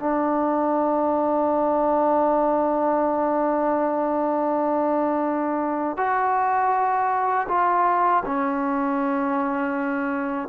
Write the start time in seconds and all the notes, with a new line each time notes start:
0.00 D4
5.97 F#4
7.49 F4
8.26 C#4